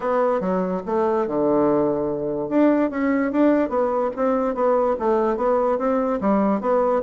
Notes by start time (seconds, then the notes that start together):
0.00 B3
0.40 F#3
0.85 A3
1.27 D3
2.49 D4
2.90 C#4
3.32 D4
3.69 B3
4.16 C4
4.54 B3
4.99 A3
5.37 B3
5.78 C4
6.21 G3
6.60 B3